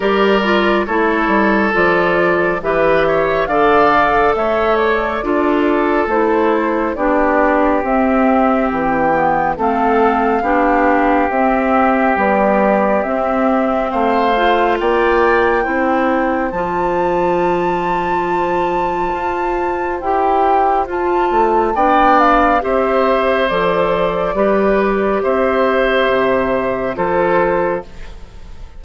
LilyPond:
<<
  \new Staff \with { instrumentName = "flute" } { \time 4/4 \tempo 4 = 69 d''4 cis''4 d''4 e''4 | f''4 e''8 d''4. c''4 | d''4 e''4 g''4 f''4~ | f''4 e''4 d''4 e''4 |
f''4 g''2 a''4~ | a''2. g''4 | a''4 g''8 f''8 e''4 d''4~ | d''4 e''2 c''4 | }
  \new Staff \with { instrumentName = "oboe" } { \time 4/4 ais'4 a'2 b'8 cis''8 | d''4 cis''4 a'2 | g'2. a'4 | g'1 |
c''4 d''4 c''2~ | c''1~ | c''4 d''4 c''2 | b'4 c''2 a'4 | }
  \new Staff \with { instrumentName = "clarinet" } { \time 4/4 g'8 f'8 e'4 f'4 g'4 | a'2 f'4 e'4 | d'4 c'4. b8 c'4 | d'4 c'4 g4 c'4~ |
c'8 f'4. e'4 f'4~ | f'2. g'4 | f'4 d'4 g'4 a'4 | g'2. f'4 | }
  \new Staff \with { instrumentName = "bassoon" } { \time 4/4 g4 a8 g8 f4 e4 | d4 a4 d'4 a4 | b4 c'4 e4 a4 | b4 c'4 b4 c'4 |
a4 ais4 c'4 f4~ | f2 f'4 e'4 | f'8 a8 b4 c'4 f4 | g4 c'4 c4 f4 | }
>>